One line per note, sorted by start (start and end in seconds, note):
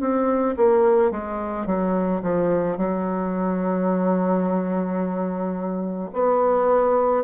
0.00 0.56 C4
0.57 1.11 A#3
1.11 1.66 G#3
1.66 2.22 F#3
2.22 2.77 F3
2.77 6.11 F#3
6.13 7.24 B3